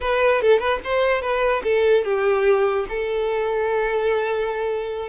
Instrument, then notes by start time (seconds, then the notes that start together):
violin
0.01 B4
0.41 A4
0.59 B4
0.84 C5
1.21 B4
1.63 A4
2.04 G4
2.88 A4